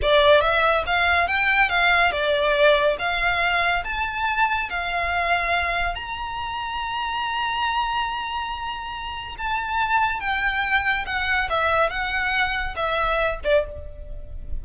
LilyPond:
\new Staff \with { instrumentName = "violin" } { \time 4/4 \tempo 4 = 141 d''4 e''4 f''4 g''4 | f''4 d''2 f''4~ | f''4 a''2 f''4~ | f''2 ais''2~ |
ais''1~ | ais''2 a''2 | g''2 fis''4 e''4 | fis''2 e''4. d''8 | }